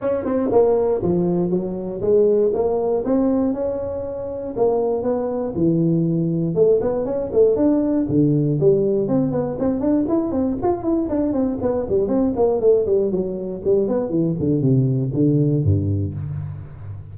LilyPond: \new Staff \with { instrumentName = "tuba" } { \time 4/4 \tempo 4 = 119 cis'8 c'8 ais4 f4 fis4 | gis4 ais4 c'4 cis'4~ | cis'4 ais4 b4 e4~ | e4 a8 b8 cis'8 a8 d'4 |
d4 g4 c'8 b8 c'8 d'8 | e'8 c'8 f'8 e'8 d'8 c'8 b8 g8 | c'8 ais8 a8 g8 fis4 g8 b8 | e8 d8 c4 d4 g,4 | }